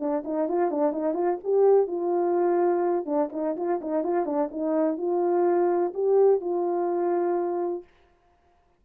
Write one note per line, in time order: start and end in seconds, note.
0.00 0.24 D4
0.25 0.49 D#4
0.49 0.71 F4
0.71 0.93 D4
0.93 1.14 D#4
1.14 1.38 F4
1.44 1.88 G4
1.88 3.06 F4
3.06 3.30 D4
3.33 3.56 D#4
3.57 3.81 F4
3.82 4.04 D#4
4.04 4.26 F4
4.26 4.50 D4
4.52 4.98 D#4
4.98 5.93 F4
5.94 6.41 G4
6.41 7.84 F4